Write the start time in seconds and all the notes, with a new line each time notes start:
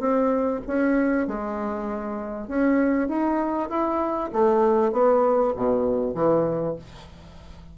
0.00 C4
0.67 C#4
1.27 G#3
2.48 C#4
3.08 D#4
3.69 E4
4.32 A3
4.92 B3
5.56 B2
6.14 E3